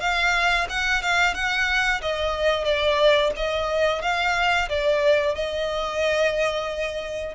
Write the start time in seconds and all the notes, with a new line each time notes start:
0.00 F5
0.69 F#5
1.02 F5
1.34 F#5
2.01 D#5
2.64 D5
3.36 D#5
4.02 F5
4.69 D5
5.35 D#5